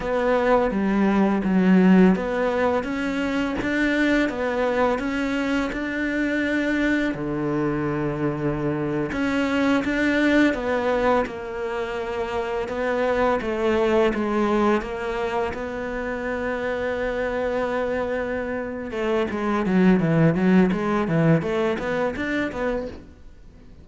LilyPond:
\new Staff \with { instrumentName = "cello" } { \time 4/4 \tempo 4 = 84 b4 g4 fis4 b4 | cis'4 d'4 b4 cis'4 | d'2 d2~ | d8. cis'4 d'4 b4 ais16~ |
ais4.~ ais16 b4 a4 gis16~ | gis8. ais4 b2~ b16~ | b2~ b8 a8 gis8 fis8 | e8 fis8 gis8 e8 a8 b8 d'8 b8 | }